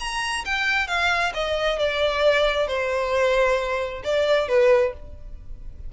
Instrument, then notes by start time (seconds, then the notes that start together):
violin
0.00 A#5
0.46 G5
0.88 F5
1.34 D#5
1.79 D5
2.68 C5
4.04 D5
4.48 B4